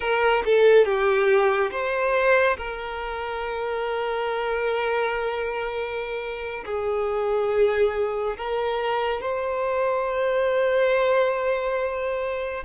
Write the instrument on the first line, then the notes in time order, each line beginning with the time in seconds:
violin
0.00 A#4
0.45 A4
0.85 G4
1.71 C5
2.57 A#4
6.65 G#4
8.37 A#4
9.21 C5